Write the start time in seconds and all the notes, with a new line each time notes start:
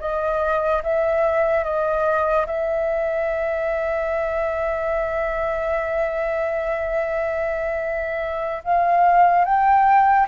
0.00 D#5
0.83 E5
1.64 D#5
2.47 E5
8.64 F5
9.45 G5